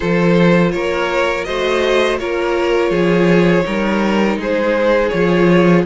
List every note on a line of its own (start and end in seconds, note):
0.00 0.73 F3
0.00 1.46 F4
0.00 0.71 A4
0.00 0.71 C5
0.71 1.46 A#3
0.71 1.46 A#4
0.71 1.44 C#5
1.44 2.19 A3
1.44 2.19 F#4
1.44 2.19 C5
1.44 2.17 D#5
2.18 2.90 A#3
2.18 3.64 F4
2.18 2.91 A#4
2.18 4.38 C#5
2.90 3.63 F3
2.90 3.64 G#4
3.64 4.37 G3
3.64 5.10 D#4
3.64 4.39 A#4
4.37 5.10 G#3
4.37 5.85 G#4
4.37 5.09 C5
5.09 5.85 F3
5.09 5.85 F4
5.09 5.82 C#5